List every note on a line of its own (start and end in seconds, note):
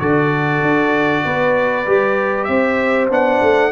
0.00 0.62 D3
0.00 1.86 F#4
0.00 1.25 A4
0.00 2.44 D5
0.62 1.24 D4
1.25 1.87 B3
1.25 2.48 B4
1.87 2.49 G3
1.87 3.11 G4
2.44 3.10 C4
2.44 3.72 C5
2.44 3.06 E5
3.10 3.41 B3
3.10 3.72 D4
3.10 3.72 F#5
3.42 3.72 A3